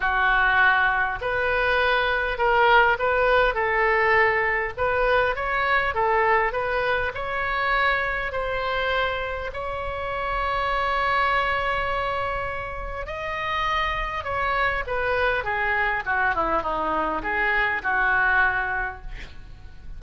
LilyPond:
\new Staff \with { instrumentName = "oboe" } { \time 4/4 \tempo 4 = 101 fis'2 b'2 | ais'4 b'4 a'2 | b'4 cis''4 a'4 b'4 | cis''2 c''2 |
cis''1~ | cis''2 dis''2 | cis''4 b'4 gis'4 fis'8 e'8 | dis'4 gis'4 fis'2 | }